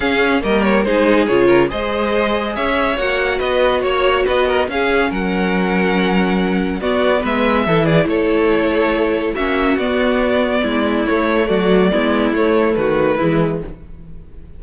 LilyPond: <<
  \new Staff \with { instrumentName = "violin" } { \time 4/4 \tempo 4 = 141 f''4 dis''8 cis''8 c''4 cis''4 | dis''2 e''4 fis''4 | dis''4 cis''4 dis''4 f''4 | fis''1 |
d''4 e''4. d''8 cis''4~ | cis''2 e''4 d''4~ | d''2 cis''4 d''4~ | d''4 cis''4 b'2 | }
  \new Staff \with { instrumentName = "violin" } { \time 4/4 gis'4 ais'4 gis'4. ais'8 | c''2 cis''2 | b'4 cis''4 b'8 ais'8 gis'4 | ais'1 |
fis'4 b'4 a'8 gis'8 a'4~ | a'2 fis'2~ | fis'4 e'2 fis'4 | e'2 fis'4 e'4 | }
  \new Staff \with { instrumentName = "viola" } { \time 4/4 cis'4 ais4 dis'4 f'4 | gis'2. fis'4~ | fis'2. cis'4~ | cis'1 |
b2 e'2~ | e'2 cis'4 b4~ | b2 a2 | b4 a2 gis4 | }
  \new Staff \with { instrumentName = "cello" } { \time 4/4 cis'4 g4 gis4 cis4 | gis2 cis'4 ais4 | b4 ais4 b4 cis'4 | fis1 |
b4 gis4 e4 a4~ | a2 ais4 b4~ | b4 gis4 a4 fis4 | gis4 a4 dis4 e4 | }
>>